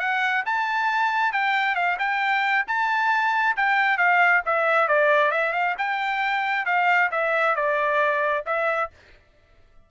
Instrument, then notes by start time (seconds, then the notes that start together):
trumpet
0.00 F#5
0.46 A5
1.33 G5
1.76 F5
1.99 G5
2.68 A5
3.57 G5
3.98 F5
4.46 E5
4.88 D5
5.32 E5
5.54 F5
5.78 G5
6.66 F5
7.12 E5
7.56 D5
8.46 E5